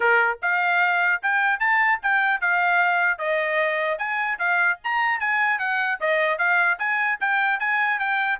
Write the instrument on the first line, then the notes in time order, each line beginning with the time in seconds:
trumpet
0.00 A#4
0.42 F5
1.22 G5
1.59 A5
2.02 G5
2.41 F5
3.18 D#5
3.98 G#5
4.38 F5
4.83 A#5
5.20 G#5
5.58 F#5
6.00 D#5
6.38 F5
6.78 G#5
7.20 G5
7.59 G#5
7.99 G5